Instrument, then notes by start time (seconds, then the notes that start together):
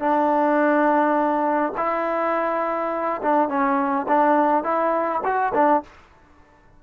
trombone
0.00 D4
1.77 E4
3.22 D4
3.49 C#4
4.08 D4
4.64 E4
5.24 F#4
5.54 D4